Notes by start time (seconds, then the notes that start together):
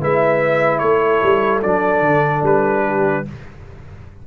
0.00 G#3 E4 B4 E5
0.79 A3 A4 C#5
1.23 G3
1.63 F#3 D4 D5
2.01 D3
2.43 G3 B4
2.86 G4